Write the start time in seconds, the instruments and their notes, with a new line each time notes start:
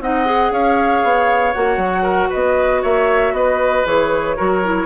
0.00 bassoon C4, clarinet D#4, oboe D#5, flute F#5
0.25 clarinet G#4
0.51 bassoon C#4, oboe C#5, flute F5
1.04 bassoon B3
1.54 bassoon A#3, clarinet F#4, flute F#5
1.77 bassoon F#3
2.02 oboe A#4
2.30 bassoon B3, oboe B4, flute D#5
2.82 bassoon A#3, oboe C#5, flute E5
3.32 bassoon B3, oboe B4, flute D#5
3.86 bassoon E3, clarinet G#4, flute C#5
4.37 bassoon F#3, clarinet F#4, oboe A#4
4.64 clarinet E4